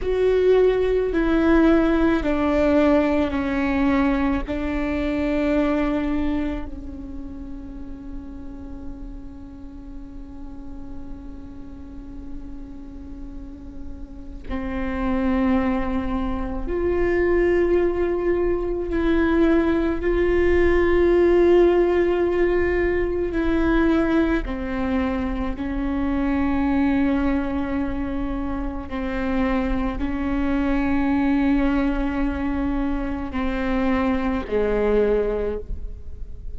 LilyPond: \new Staff \with { instrumentName = "viola" } { \time 4/4 \tempo 4 = 54 fis'4 e'4 d'4 cis'4 | d'2 cis'2~ | cis'1~ | cis'4 c'2 f'4~ |
f'4 e'4 f'2~ | f'4 e'4 c'4 cis'4~ | cis'2 c'4 cis'4~ | cis'2 c'4 gis4 | }